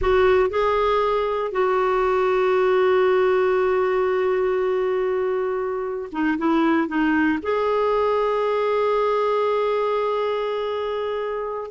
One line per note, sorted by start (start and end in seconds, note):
0.01 0.49 F#4
0.49 1.51 G#4
1.51 6.09 F#4
6.12 6.37 D#4
6.37 6.88 E4
6.88 7.38 D#4
7.42 11.70 G#4